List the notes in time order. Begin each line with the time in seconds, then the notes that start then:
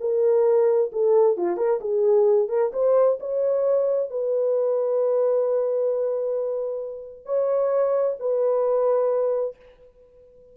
0.00 A#4
0.92 A4
1.37 F4
1.57 A#4
1.81 G#4
2.49 A#4
2.73 C5
3.20 C#5
4.10 B4
7.25 C#5
8.19 B4